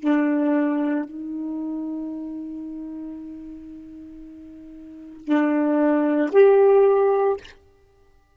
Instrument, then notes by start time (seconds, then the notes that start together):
saxophone
0.00 D4
1.05 D#4
5.25 D4
6.32 G4